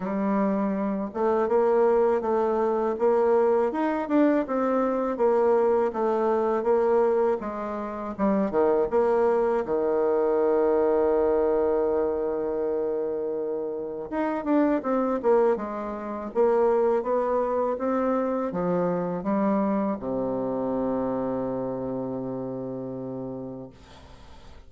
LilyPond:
\new Staff \with { instrumentName = "bassoon" } { \time 4/4 \tempo 4 = 81 g4. a8 ais4 a4 | ais4 dis'8 d'8 c'4 ais4 | a4 ais4 gis4 g8 dis8 | ais4 dis2.~ |
dis2. dis'8 d'8 | c'8 ais8 gis4 ais4 b4 | c'4 f4 g4 c4~ | c1 | }